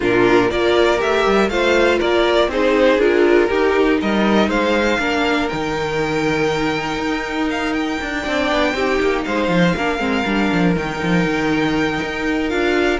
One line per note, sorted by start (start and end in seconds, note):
0.00 0.51 A#2
0.00 0.50 D4
0.00 0.49 F4
0.00 0.50 A#4
0.50 1.01 A#3
0.50 0.97 F4
0.50 1.50 A#4
0.50 1.00 D5
0.97 1.26 A3
0.97 1.47 G4
0.97 1.49 E5
1.26 1.49 G3
1.49 1.99 A3
1.49 2.50 F4
1.49 1.98 C5
1.49 1.99 F5
1.98 2.47 A#3
1.98 2.48 A#4
1.98 2.50 D5
2.47 2.97 C4
2.47 3.00 D#4
2.47 3.48 G#4
2.47 3.00 C5
2.97 3.47 D4
2.97 3.50 F4
2.97 4.00 A#4
3.48 4.99 D#4
3.48 4.00 D#4
3.48 3.98 G4
4.00 4.48 G3
4.00 4.49 A#4
4.00 4.49 D#5
4.48 4.98 G#3
4.48 4.99 C5
4.48 5.48 F5
4.98 5.48 A#3
4.98 5.49 D4
4.98 8.22 A#4
5.48 6.97 D#3
5.48 8.24 D#4
5.48 7.48 G5
6.97 7.97 D#4
7.49 7.73 F5
7.73 9.23 G5
8.01 8.26 D4
8.22 8.51 C4
8.22 8.74 D4
8.22 8.72 D5
8.51 8.73 B3
8.73 8.98 C4
8.73 9.76 D#4
8.73 9.25 G4
9.00 9.25 A#3
9.24 9.48 G#3
9.24 9.75 C5
9.24 10.74 F5
9.48 9.73 F3
9.76 9.99 A#3
9.76 9.98 D4
9.76 12.99 A#4
9.98 10.24 G#3
9.98 10.23 C4
10.25 10.50 G3
10.25 10.75 D4
10.52 10.76 F3
10.75 11.01 D#3
10.75 12.49 D#4
10.75 12.49 G5
11.02 11.25 F3
11.25 12.00 D#3
12.03 12.52 D#4
12.49 12.99 D4
12.49 12.99 F4
12.49 12.99 F5